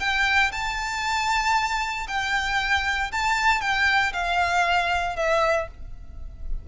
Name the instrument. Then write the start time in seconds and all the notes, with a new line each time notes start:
violin
0.00 G5
0.52 A5
2.08 G5
3.12 A5
3.61 G5
4.13 F5
5.16 E5